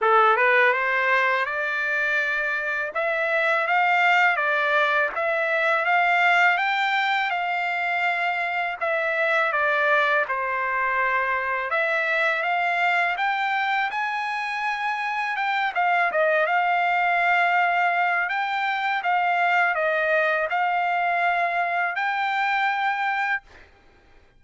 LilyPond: \new Staff \with { instrumentName = "trumpet" } { \time 4/4 \tempo 4 = 82 a'8 b'8 c''4 d''2 | e''4 f''4 d''4 e''4 | f''4 g''4 f''2 | e''4 d''4 c''2 |
e''4 f''4 g''4 gis''4~ | gis''4 g''8 f''8 dis''8 f''4.~ | f''4 g''4 f''4 dis''4 | f''2 g''2 | }